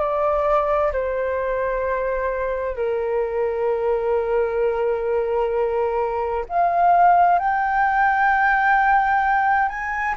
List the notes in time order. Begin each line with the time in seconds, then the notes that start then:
0.00 D5
0.93 C5
2.77 A#4
6.50 F5
7.39 G5
9.69 G#5